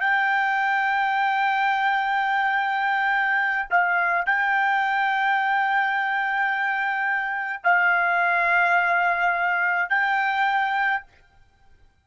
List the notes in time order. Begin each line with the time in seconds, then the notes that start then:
0.00 G5
3.70 F5
4.26 G5
7.64 F5
9.89 G5